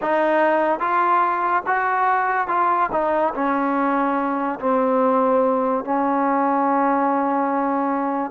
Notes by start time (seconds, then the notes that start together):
0.01 D#4
0.79 F4
1.66 F#4
2.47 F4
2.92 D#4
3.34 C#4
4.59 C4
5.84 C#4